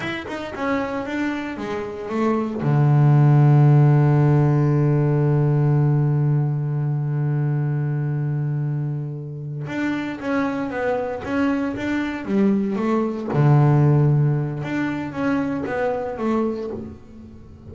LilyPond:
\new Staff \with { instrumentName = "double bass" } { \time 4/4 \tempo 4 = 115 e'8 dis'8 cis'4 d'4 gis4 | a4 d2.~ | d1~ | d1~ |
d2~ d8 d'4 cis'8~ | cis'8 b4 cis'4 d'4 g8~ | g8 a4 d2~ d8 | d'4 cis'4 b4 a4 | }